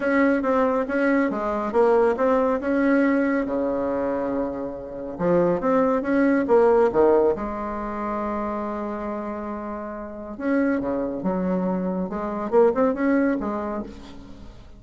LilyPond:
\new Staff \with { instrumentName = "bassoon" } { \time 4/4 \tempo 4 = 139 cis'4 c'4 cis'4 gis4 | ais4 c'4 cis'2 | cis1 | f4 c'4 cis'4 ais4 |
dis4 gis2.~ | gis1 | cis'4 cis4 fis2 | gis4 ais8 c'8 cis'4 gis4 | }